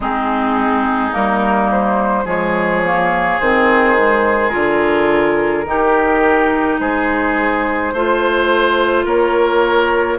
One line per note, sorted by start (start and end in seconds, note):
0.00 1.10 G#3
0.00 1.12 C4
0.00 2.25 D#4
0.00 1.13 G#4
1.12 2.24 G3
1.12 2.25 A#3
1.12 1.70 A#4
1.71 2.27 C5
2.24 3.37 F3
2.24 2.83 G#3
2.24 5.64 G#4
2.24 3.40 C#5
2.85 3.41 A#3
3.40 4.53 D#3
3.40 3.96 C4
3.40 4.49 C5
3.96 4.50 G#3
4.49 5.65 D3
4.49 5.63 F4
4.49 6.76 A#4
5.65 6.78 D#3
5.65 7.93 D#4
5.65 6.80 G4
6.79 7.92 G#3
6.79 7.93 G#4
6.79 9.06 C5
7.93 9.04 A3
7.93 10.19 F4
7.93 9.04 C5
9.04 10.17 A#3
9.04 10.17 A#4
9.04 10.19 C#5